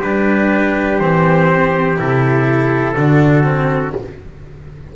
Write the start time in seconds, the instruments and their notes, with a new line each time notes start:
0.00 double bass G3, cello D4, trumpet G4 B4
0.99 double bass E3, cello C4, trumpet C5
1.97 double bass C3, cello E4, trumpet A4
2.96 double bass D3, cello D4, trumpet F#4
3.44 cello C4